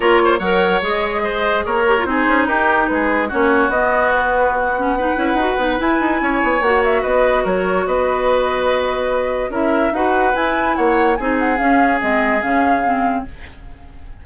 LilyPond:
<<
  \new Staff \with { instrumentName = "flute" } { \time 4/4 \tempo 4 = 145 cis''4 fis''4 dis''2 | cis''4 c''4 ais'4 b'4 | cis''4 dis''4 b'4 fis''4~ | fis''2 gis''2 |
fis''8 e''8 dis''4 cis''4 dis''4~ | dis''2. e''4 | fis''4 gis''4 fis''4 gis''8 fis''8 | f''4 dis''4 f''2 | }
  \new Staff \with { instrumentName = "oboe" } { \time 4/4 ais'8 c''8 cis''2 c''4 | ais'4 gis'4 g'4 gis'4 | fis'1 | b'2. cis''4~ |
cis''4 b'4 ais'4 b'4~ | b'2. ais'4 | b'2 cis''4 gis'4~ | gis'1 | }
  \new Staff \with { instrumentName = "clarinet" } { \time 4/4 f'4 ais'4 gis'2~ | gis'8 g'16 f'16 dis'2. | cis'4 b2~ b8 cis'8 | dis'8 e'8 fis'8 dis'8 e'2 |
fis'1~ | fis'2. e'4 | fis'4 e'2 dis'4 | cis'4 c'4 cis'4 c'4 | }
  \new Staff \with { instrumentName = "bassoon" } { \time 4/4 ais4 fis4 gis2 | ais4 c'8 cis'8 dis'4 gis4 | ais4 b2.~ | b8 cis'8 dis'8 b8 e'8 dis'8 cis'8 b8 |
ais4 b4 fis4 b4~ | b2. cis'4 | dis'4 e'4 ais4 c'4 | cis'4 gis4 cis2 | }
>>